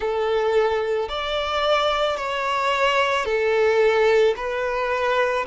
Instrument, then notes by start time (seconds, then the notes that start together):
violin
0.00 A4
1.09 D5
2.17 C#5
3.25 A4
4.36 B4